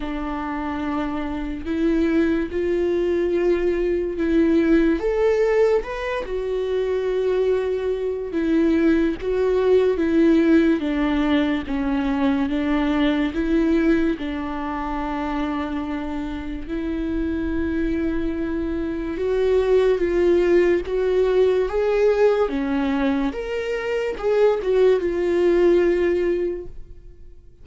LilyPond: \new Staff \with { instrumentName = "viola" } { \time 4/4 \tempo 4 = 72 d'2 e'4 f'4~ | f'4 e'4 a'4 b'8 fis'8~ | fis'2 e'4 fis'4 | e'4 d'4 cis'4 d'4 |
e'4 d'2. | e'2. fis'4 | f'4 fis'4 gis'4 cis'4 | ais'4 gis'8 fis'8 f'2 | }